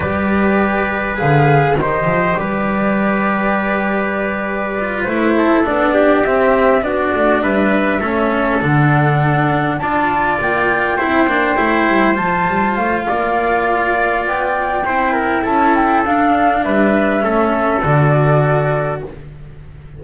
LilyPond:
<<
  \new Staff \with { instrumentName = "flute" } { \time 4/4 \tempo 4 = 101 d''2 f''4 dis''4 | d''1~ | d''8 c''4 d''4 e''4 d''8~ | d''8 e''2 fis''4.~ |
fis''8 a''4 g''2~ g''8~ | g''8 a''4 f''2~ f''8 | g''2 a''8 g''8 f''4 | e''2 d''2 | }
  \new Staff \with { instrumentName = "trumpet" } { \time 4/4 b'2. c''4 | b'1~ | b'4 a'4 g'4. fis'8~ | fis'8 b'4 a'2~ a'8~ |
a'8 d''2 c''4.~ | c''2 d''2~ | d''4 c''8 ais'8 a'2 | b'4 a'2. | }
  \new Staff \with { instrumentName = "cello" } { \time 4/4 g'2 gis'4 g'4~ | g'1 | f'8 e'4 d'4 c'4 d'8~ | d'4. cis'4 d'4.~ |
d'8 f'2 e'8 d'8 e'8~ | e'8 f'2.~ f'8~ | f'4 e'2 d'4~ | d'4 cis'4 fis'2 | }
  \new Staff \with { instrumentName = "double bass" } { \time 4/4 g2 d4 dis8 f8 | g1~ | g8 a4 b4 c'4 b8 | a8 g4 a4 d4.~ |
d8 d'4 ais4 c'8 ais8 a8 | g8 f8 g8 a8 ais2 | b4 c'4 cis'4 d'4 | g4 a4 d2 | }
>>